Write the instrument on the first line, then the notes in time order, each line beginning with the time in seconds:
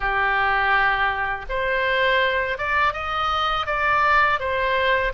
oboe
0.00 G4
1.49 C5
2.58 D5
2.93 D#5
3.66 D5
4.39 C5